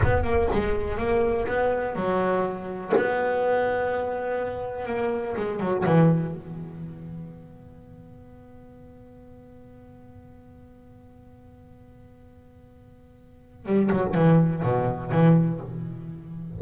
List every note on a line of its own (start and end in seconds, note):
0.02 0.23 B3
0.23 0.48 A#3
0.52 0.97 G#3
0.97 1.46 A#3
1.47 1.95 B3
1.95 2.93 F#3
2.96 4.86 B3
4.86 5.35 A#3
5.37 5.60 G#3
5.60 5.84 F#3
5.85 6.34 E3
6.34 13.65 B3
13.66 13.90 G3
13.92 14.14 F#3
14.14 14.63 E3
14.63 15.11 B2
15.11 15.60 E3